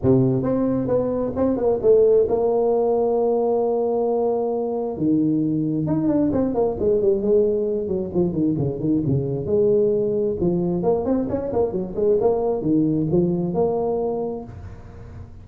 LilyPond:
\new Staff \with { instrumentName = "tuba" } { \time 4/4 \tempo 4 = 133 c4 c'4 b4 c'8 ais8 | a4 ais2.~ | ais2. dis4~ | dis4 dis'8 d'8 c'8 ais8 gis8 g8 |
gis4. fis8 f8 dis8 cis8 dis8 | cis4 gis2 f4 | ais8 c'8 cis'8 ais8 fis8 gis8 ais4 | dis4 f4 ais2 | }